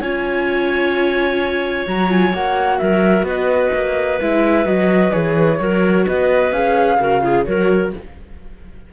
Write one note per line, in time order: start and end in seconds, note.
0.00 1.87 C#4
0.00 1.88 F4
0.00 2.80 C#5
0.00 1.86 G#5
1.87 2.34 F#3
1.87 2.09 F#4
1.87 2.11 A#5
2.09 2.32 F4
2.09 2.34 G#5
2.34 2.80 A#3
2.34 4.21 F#4
2.34 2.79 F#5
2.79 3.23 F#3
2.79 3.27 A#4
2.79 3.25 E5
3.23 3.69 B3
3.23 5.59 B4
3.23 4.20 D#5
3.74 4.20 A#3
4.21 4.66 G#3
4.21 4.66 E4
4.21 4.67 E5
4.66 5.12 F#3
4.66 5.12 F#4
4.66 5.13 D#5
5.12 5.59 E3
5.12 5.59 G#4
5.12 6.06 C#5
5.59 6.06 F#3
5.59 6.53 F#4
5.59 6.06 A#4
6.06 6.52 B3
6.06 6.99 B4
6.06 6.52 D#5
6.52 6.98 C#4
6.52 7.00 G#4
6.52 7.45 F5
7.00 7.47 C#3
7.00 7.22 F#4
7.00 7.23 A#4
7.22 7.45 F4
7.22 7.46 G#4
7.45 7.93 F#3
7.45 7.92 F#4
7.45 7.93 A#4
7.45 7.91 C#5